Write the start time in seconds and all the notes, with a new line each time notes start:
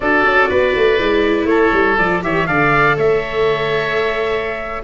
0.00 D4 F#4 A4 D5
0.24 C#4
0.49 B3 B4
0.75 A3
0.99 G#3 E4
1.44 A3 A4 C#5
1.72 G3
1.98 F3 F4 D5
2.22 E3 G4 C#5 E5
2.46 D3 A4 D5 F5
2.96 A3 C#5 E5